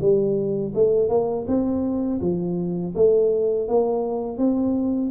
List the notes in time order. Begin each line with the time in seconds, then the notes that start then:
0.00 G3
0.74 A3
1.09 A#3
1.47 C4
2.21 F3
2.95 A3
3.68 A#3
4.37 C4